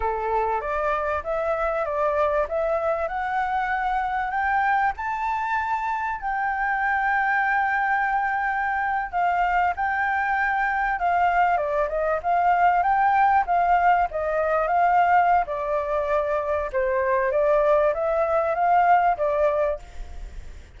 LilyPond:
\new Staff \with { instrumentName = "flute" } { \time 4/4 \tempo 4 = 97 a'4 d''4 e''4 d''4 | e''4 fis''2 g''4 | a''2 g''2~ | g''2~ g''8. f''4 g''16~ |
g''4.~ g''16 f''4 d''8 dis''8 f''16~ | f''8. g''4 f''4 dis''4 f''16~ | f''4 d''2 c''4 | d''4 e''4 f''4 d''4 | }